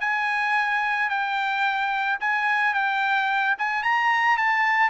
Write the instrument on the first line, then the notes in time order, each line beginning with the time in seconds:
trumpet
0.00 G#5
1.09 G5
2.20 G#5
2.73 G5
3.58 G#5
3.83 A#5
4.37 A5